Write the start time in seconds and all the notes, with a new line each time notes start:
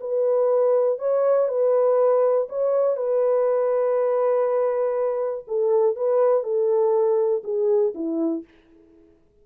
0.00 B4
0.98 C#5
1.48 B4
2.49 C#5
2.96 B4
5.47 A4
5.95 B4
6.43 A4
7.44 G#4
7.95 E4